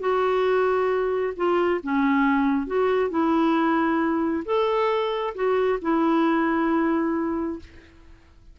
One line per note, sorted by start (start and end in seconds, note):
0.00 1.33 F#4
1.36 1.81 F4
1.83 2.67 C#4
2.67 3.10 F#4
3.10 4.43 E4
4.45 5.34 A4
5.35 5.79 F#4
5.81 7.59 E4